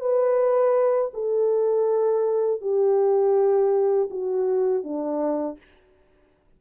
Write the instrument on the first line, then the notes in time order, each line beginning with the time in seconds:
horn
0.00 B4
1.14 A4
2.61 G4
4.10 F#4
4.84 D4